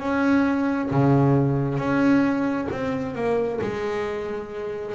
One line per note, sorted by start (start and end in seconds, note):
0.00 0.90 C#4
0.91 1.78 C#3
1.78 2.68 C#4
2.72 3.15 C4
3.15 3.60 A#3
3.62 4.95 G#3